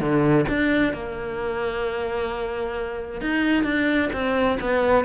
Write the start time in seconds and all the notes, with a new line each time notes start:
0.00 D3
0.48 D4
0.93 A#3
3.21 D#4
3.64 D4
4.13 C4
4.60 B3